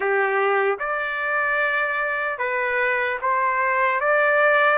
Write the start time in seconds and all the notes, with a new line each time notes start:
0.00 G4
0.79 D5
2.38 B4
3.21 C5
4.00 D5